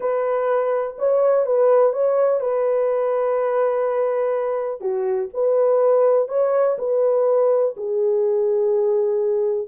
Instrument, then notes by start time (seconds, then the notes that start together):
horn
0.00 B4
0.98 C#5
1.45 B4
1.92 C#5
2.40 B4
4.80 F#4
5.33 B4
6.28 C#5
6.78 B4
7.76 G#4